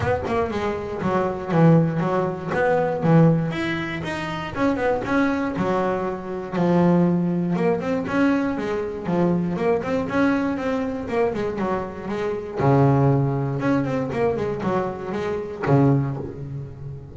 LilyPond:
\new Staff \with { instrumentName = "double bass" } { \time 4/4 \tempo 4 = 119 b8 ais8 gis4 fis4 e4 | fis4 b4 e4 e'4 | dis'4 cis'8 b8 cis'4 fis4~ | fis4 f2 ais8 c'8 |
cis'4 gis4 f4 ais8 c'8 | cis'4 c'4 ais8 gis8 fis4 | gis4 cis2 cis'8 c'8 | ais8 gis8 fis4 gis4 cis4 | }